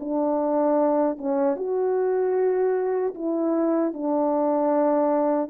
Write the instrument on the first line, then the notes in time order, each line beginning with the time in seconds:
horn
0.00 D4
1.18 C#4
1.56 F#4
3.15 E4
3.93 D4